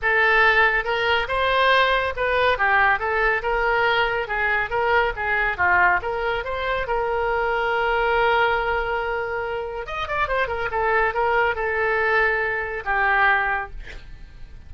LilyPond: \new Staff \with { instrumentName = "oboe" } { \time 4/4 \tempo 4 = 140 a'2 ais'4 c''4~ | c''4 b'4 g'4 a'4 | ais'2 gis'4 ais'4 | gis'4 f'4 ais'4 c''4 |
ais'1~ | ais'2. dis''8 d''8 | c''8 ais'8 a'4 ais'4 a'4~ | a'2 g'2 | }